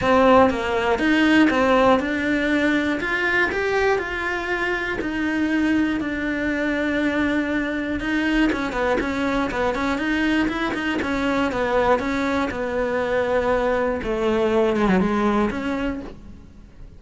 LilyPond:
\new Staff \with { instrumentName = "cello" } { \time 4/4 \tempo 4 = 120 c'4 ais4 dis'4 c'4 | d'2 f'4 g'4 | f'2 dis'2 | d'1 |
dis'4 cis'8 b8 cis'4 b8 cis'8 | dis'4 e'8 dis'8 cis'4 b4 | cis'4 b2. | a4. gis16 fis16 gis4 cis'4 | }